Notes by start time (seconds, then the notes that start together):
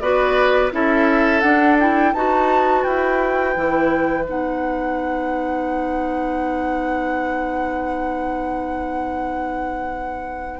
0.00 B3 F#4 B4 D5
0.71 C#4 E4 A4 E5
1.41 D4 F#5
1.79 E4 G5
2.14 D#4 F#4 B4 A5
2.83 E4 G5
3.55 E3 E4
4.25 B3 D#4 F#5